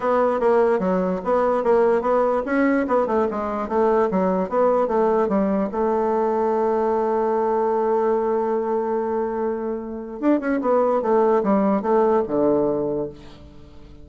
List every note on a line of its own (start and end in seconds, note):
0.00 0.40 B3
0.40 0.79 A#3
0.79 1.19 F#3
1.24 1.63 B3
1.63 2.01 A#3
2.01 2.42 B3
2.45 2.86 C#4
2.87 3.06 B3
3.06 3.27 A3
3.30 3.68 G#3
3.68 4.09 A3
4.10 4.49 F#3
4.49 4.87 B3
4.87 5.28 A3
5.28 5.69 G3
5.71 10.20 A3
10.20 10.40 D4
10.40 10.60 C#4
10.61 11.02 B3
11.02 11.42 A3
11.43 11.81 G3
11.81 12.22 A3
12.27 13.09 D3